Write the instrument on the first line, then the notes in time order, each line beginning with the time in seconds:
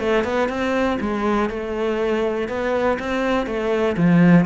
cello
0.00 A3
0.24 B3
0.49 C4
1.01 G#3
1.50 A3
2.49 B3
3.00 C4
3.47 A3
3.97 F3